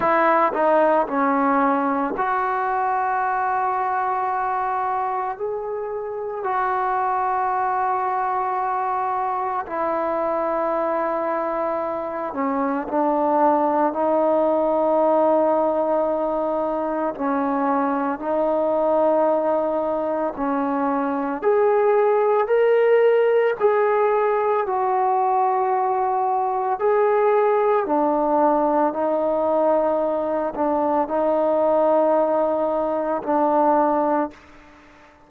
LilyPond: \new Staff \with { instrumentName = "trombone" } { \time 4/4 \tempo 4 = 56 e'8 dis'8 cis'4 fis'2~ | fis'4 gis'4 fis'2~ | fis'4 e'2~ e'8 cis'8 | d'4 dis'2. |
cis'4 dis'2 cis'4 | gis'4 ais'4 gis'4 fis'4~ | fis'4 gis'4 d'4 dis'4~ | dis'8 d'8 dis'2 d'4 | }